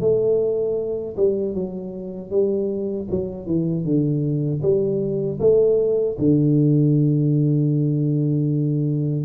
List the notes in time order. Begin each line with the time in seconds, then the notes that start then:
0.00 A3
1.16 G3
1.54 F#3
2.30 G3
3.10 F#3
3.46 E3
3.84 D3
4.62 G3
5.39 A3
6.18 D3